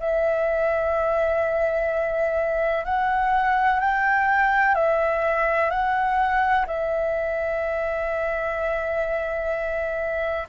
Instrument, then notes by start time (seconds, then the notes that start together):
flute
0.00 E5
2.85 F#5
3.80 G5
4.75 E5
5.71 F#5
6.67 E5